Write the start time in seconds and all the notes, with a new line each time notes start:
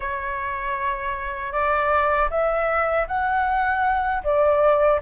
0.00 C#5
1.52 D5
2.30 E5
3.07 F#5
4.23 D5